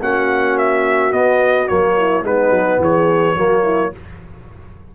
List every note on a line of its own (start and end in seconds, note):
0.00 1.12 A#3
0.00 1.11 C#4
0.00 1.96 F#4
0.00 0.58 F#5
0.58 1.12 E5
1.11 1.67 B3
1.11 1.68 B3
1.11 1.68 D#5
1.68 2.23 F#3
1.68 2.24 A#3
1.68 2.24 C#5
1.97 2.24 E4
2.23 2.50 G#3
2.23 3.36 B3
2.23 2.80 D#4
2.23 2.82 B4
2.50 2.78 F#3
2.78 3.34 E3
2.78 3.35 G#4
2.78 3.95 C#5
3.35 3.92 F#3
3.35 3.92 A#3
3.35 3.63 F#4
3.63 3.91 E4